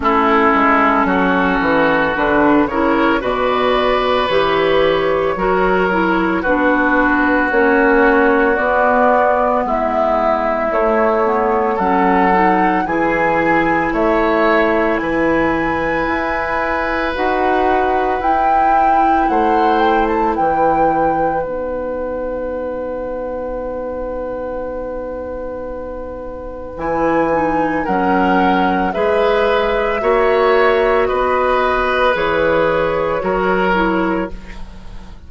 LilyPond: <<
  \new Staff \with { instrumentName = "flute" } { \time 4/4 \tempo 4 = 56 a'2 b'8 cis''8 d''4 | cis''2 b'4 cis''4 | d''4 e''4 cis''4 fis''4 | gis''4 e''4 gis''2 |
fis''4 g''4 fis''8 g''16 a''16 g''4 | fis''1~ | fis''4 gis''4 fis''4 e''4~ | e''4 dis''4 cis''2 | }
  \new Staff \with { instrumentName = "oboe" } { \time 4/4 e'4 fis'4. ais'8 b'4~ | b'4 ais'4 fis'2~ | fis'4 e'2 a'4 | gis'4 cis''4 b'2~ |
b'2 c''4 b'4~ | b'1~ | b'2 ais'4 b'4 | cis''4 b'2 ais'4 | }
  \new Staff \with { instrumentName = "clarinet" } { \time 4/4 cis'2 d'8 e'8 fis'4 | g'4 fis'8 e'8 d'4 cis'4 | b2 a8 b8 cis'8 dis'8 | e'1 |
fis'4 e'2. | dis'1~ | dis'4 e'8 dis'8 cis'4 gis'4 | fis'2 gis'4 fis'8 e'8 | }
  \new Staff \with { instrumentName = "bassoon" } { \time 4/4 a8 gis8 fis8 e8 d8 cis8 b,4 | e4 fis4 b4 ais4 | b4 gis4 a4 fis4 | e4 a4 e4 e'4 |
dis'4 e'4 a4 e4 | b1~ | b4 e4 fis4 gis4 | ais4 b4 e4 fis4 | }
>>